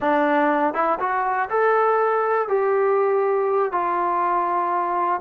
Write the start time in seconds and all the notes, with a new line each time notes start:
0.00 D4
0.73 E4
0.99 F#4
1.49 A4
2.48 G4
3.72 F4